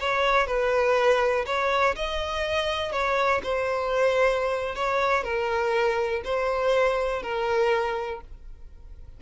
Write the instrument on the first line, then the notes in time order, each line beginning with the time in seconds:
violin
0.00 C#5
0.47 B4
1.46 C#5
1.96 D#5
2.92 C#5
3.43 C5
4.75 C#5
5.24 A#4
6.24 C5
7.22 A#4